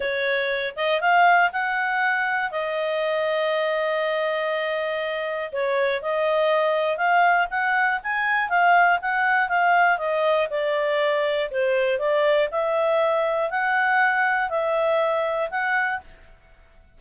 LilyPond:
\new Staff \with { instrumentName = "clarinet" } { \time 4/4 \tempo 4 = 120 cis''4. dis''8 f''4 fis''4~ | fis''4 dis''2.~ | dis''2. cis''4 | dis''2 f''4 fis''4 |
gis''4 f''4 fis''4 f''4 | dis''4 d''2 c''4 | d''4 e''2 fis''4~ | fis''4 e''2 fis''4 | }